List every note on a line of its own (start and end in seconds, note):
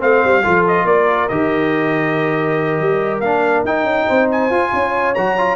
0.00 0.24 A3
0.00 0.43 C4
0.00 0.44 C5
0.00 0.67 F5
0.24 0.45 G3
0.44 0.85 F3
0.44 1.30 F4
0.44 0.86 A4
0.68 0.87 D#5
0.85 1.28 A#3
0.85 4.07 A#4
0.85 1.29 D5
1.29 2.80 D#3
1.29 3.24 G4
1.29 3.20 D#5
2.80 3.21 G3
3.20 3.64 A#3
3.20 3.66 D4
3.20 3.63 F5
3.65 3.84 D#4
3.65 4.51 D#4
3.65 4.30 G5
3.84 4.05 C#4
4.07 4.51 C4
4.07 4.71 C5
4.32 5.15 G#5
4.51 4.72 F4
4.51 5.15 F4
4.73 5.16 C#4
4.73 5.56 C#5
5.15 5.56 F#3
5.15 5.38 F#4
5.15 5.56 A#5
5.38 5.56 F4